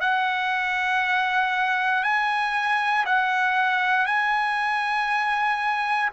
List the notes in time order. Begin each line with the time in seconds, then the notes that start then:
0.00 F#5
2.03 G#5
3.05 F#5
4.06 G#5